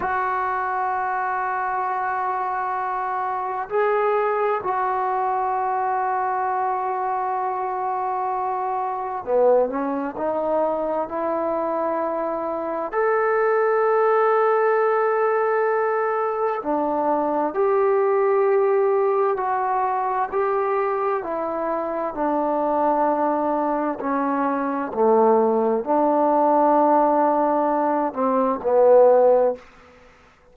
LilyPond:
\new Staff \with { instrumentName = "trombone" } { \time 4/4 \tempo 4 = 65 fis'1 | gis'4 fis'2.~ | fis'2 b8 cis'8 dis'4 | e'2 a'2~ |
a'2 d'4 g'4~ | g'4 fis'4 g'4 e'4 | d'2 cis'4 a4 | d'2~ d'8 c'8 b4 | }